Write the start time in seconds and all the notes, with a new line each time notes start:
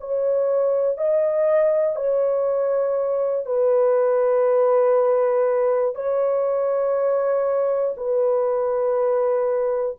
0.00 C#5
0.97 D#5
1.95 C#5
3.45 B4
5.95 C#5
7.97 B4